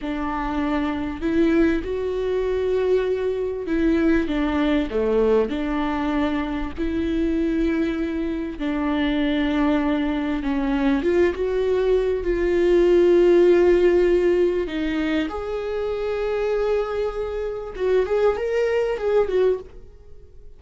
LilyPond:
\new Staff \with { instrumentName = "viola" } { \time 4/4 \tempo 4 = 98 d'2 e'4 fis'4~ | fis'2 e'4 d'4 | a4 d'2 e'4~ | e'2 d'2~ |
d'4 cis'4 f'8 fis'4. | f'1 | dis'4 gis'2.~ | gis'4 fis'8 gis'8 ais'4 gis'8 fis'8 | }